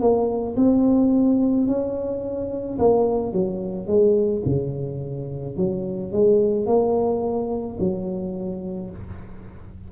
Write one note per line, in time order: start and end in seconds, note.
0.00 0.56 A#3
0.56 1.67 C4
1.67 2.78 C#4
2.78 3.32 A#3
3.32 3.87 F#3
3.87 4.42 G#3
4.45 5.57 C#3
5.57 6.12 F#3
6.12 6.66 G#3
6.66 7.77 A#3
7.79 8.90 F#3